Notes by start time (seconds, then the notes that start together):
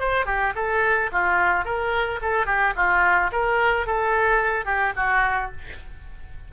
0.00 C5
0.26 G4
0.56 A4
1.12 F4
1.65 A#4
2.22 A4
2.46 G4
2.76 F4
3.32 A#4
3.87 A4
4.66 G4
4.96 F#4